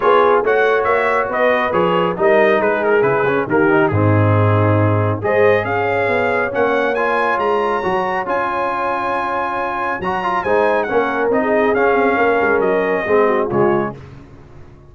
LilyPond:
<<
  \new Staff \with { instrumentName = "trumpet" } { \time 4/4 \tempo 4 = 138 cis''4 fis''4 e''4 dis''4 | cis''4 dis''4 b'8 ais'8 b'4 | ais'4 gis'2. | dis''4 f''2 fis''4 |
gis''4 ais''2 gis''4~ | gis''2. ais''4 | gis''4 fis''4 dis''4 f''4~ | f''4 dis''2 cis''4 | }
  \new Staff \with { instrumentName = "horn" } { \time 4/4 gis'4 cis''2 b'4~ | b'4 ais'4 gis'2 | g'4 dis'2. | c''4 cis''2.~ |
cis''1~ | cis''1 | c''4 ais'4~ ais'16 gis'4.~ gis'16 | ais'2 gis'8 fis'8 f'4 | }
  \new Staff \with { instrumentName = "trombone" } { \time 4/4 f'4 fis'2. | gis'4 dis'2 e'8 cis'8 | ais8 dis'8 c'2. | gis'2. cis'4 |
f'2 fis'4 f'4~ | f'2. fis'8 f'8 | dis'4 cis'4 dis'4 cis'4~ | cis'2 c'4 gis4 | }
  \new Staff \with { instrumentName = "tuba" } { \time 4/4 b4 a4 ais4 b4 | f4 g4 gis4 cis4 | dis4 gis,2. | gis4 cis'4 b4 ais4~ |
ais4 gis4 fis4 cis'4~ | cis'2. fis4 | gis4 ais4 c'4 cis'8 c'8 | ais8 gis8 fis4 gis4 cis4 | }
>>